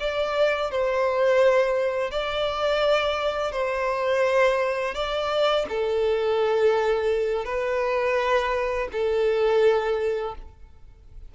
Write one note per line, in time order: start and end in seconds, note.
0.00 0.71 D5
0.71 2.11 C5
2.11 3.52 D5
3.52 4.95 C5
4.95 5.66 D5
5.69 7.45 A4
7.45 8.88 B4
8.93 10.35 A4